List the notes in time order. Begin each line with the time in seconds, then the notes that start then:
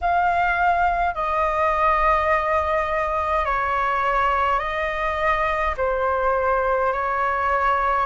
0.01 F5
1.14 D#5
3.45 C#5
4.59 D#5
5.77 C5
6.92 C#5